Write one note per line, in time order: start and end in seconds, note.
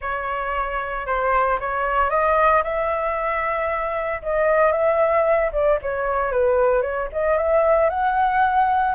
0.01 1.06 C#5
1.06 1.59 C5
1.60 2.10 C#5
2.10 2.62 D#5
2.63 4.21 E5
4.22 4.72 D#5
4.72 5.51 E5
5.52 5.78 D5
5.82 6.31 C#5
6.31 6.82 B4
6.82 7.08 C#5
7.12 7.37 D#5
7.37 7.89 E5
7.89 8.94 F#5